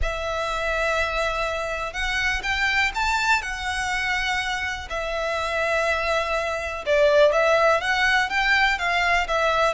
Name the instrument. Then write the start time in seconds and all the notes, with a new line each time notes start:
violin
0.01 E5
1.93 F#5
2.43 G5
2.94 A5
3.41 F#5
4.89 E5
6.85 D5
7.32 E5
7.80 F#5
8.29 G5
8.78 F5
9.27 E5